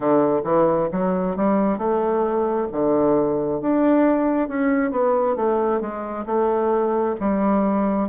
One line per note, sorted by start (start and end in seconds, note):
0.00 0.41 D3
0.44 0.88 E3
0.92 1.36 F#3
1.36 1.78 G3
1.78 2.67 A3
2.72 3.61 D3
3.61 4.48 D4
4.48 4.91 C#4
4.91 5.36 B3
5.36 5.80 A3
5.80 6.25 G#3
6.26 7.15 A3
7.19 8.08 G3